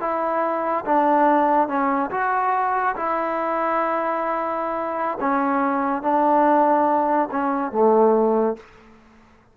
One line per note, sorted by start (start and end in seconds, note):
0.00 0.85 E4
0.85 1.68 D4
1.68 2.10 C#4
2.11 2.95 F#4
2.96 5.18 E4
5.20 6.02 C#4
6.02 7.29 D4
7.31 7.72 C#4
7.72 8.56 A3